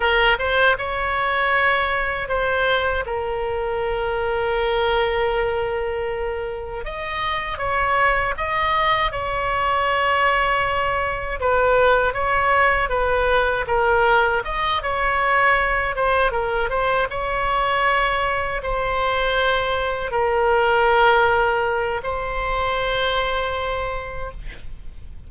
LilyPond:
\new Staff \with { instrumentName = "oboe" } { \time 4/4 \tempo 4 = 79 ais'8 c''8 cis''2 c''4 | ais'1~ | ais'4 dis''4 cis''4 dis''4 | cis''2. b'4 |
cis''4 b'4 ais'4 dis''8 cis''8~ | cis''4 c''8 ais'8 c''8 cis''4.~ | cis''8 c''2 ais'4.~ | ais'4 c''2. | }